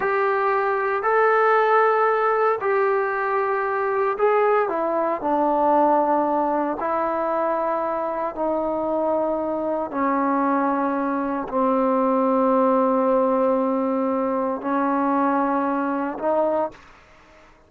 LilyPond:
\new Staff \with { instrumentName = "trombone" } { \time 4/4 \tempo 4 = 115 g'2 a'2~ | a'4 g'2. | gis'4 e'4 d'2~ | d'4 e'2. |
dis'2. cis'4~ | cis'2 c'2~ | c'1 | cis'2. dis'4 | }